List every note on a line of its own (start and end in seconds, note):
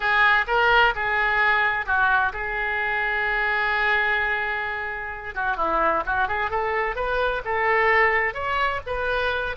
0.00 0.45 G#4
0.47 0.93 A#4
0.95 1.86 G#4
1.86 2.32 F#4
2.33 5.34 G#4
5.34 5.57 F#4
5.57 6.03 E4
6.06 6.28 F#4
6.28 6.50 G#4
6.50 6.95 A4
6.95 7.42 B4
7.44 8.34 A4
8.34 8.80 C#5
8.86 9.56 B4